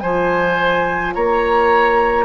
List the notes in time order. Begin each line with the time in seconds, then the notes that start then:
0.00 F3 F4 C5 G#5
1.14 A#3 C#5 A#5